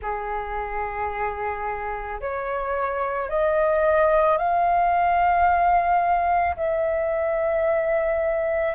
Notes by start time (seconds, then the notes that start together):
0.01 G#4
2.20 C#5
3.29 D#5
4.37 F5
6.56 E5